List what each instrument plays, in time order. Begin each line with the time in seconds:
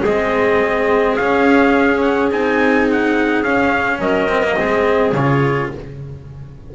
0.00 double bass G#3, cello C4, clarinet G#4, trumpet D#5
1.15 double bass C#4, cello C#4, trumpet F5
2.01 trumpet F#5
2.31 double bass C4, cello D#4, trumpet G#5
2.91 trumpet F#5
3.43 double bass C#4, cello C#4, trumpet F5
3.99 double bass F#3, clarinet A#4, trumpet D#5
4.28 cello C4
4.43 cello A#3
4.56 double bass G#3, cello C4, clarinet G#4
5.12 double bass C#3, cello F4, trumpet C#5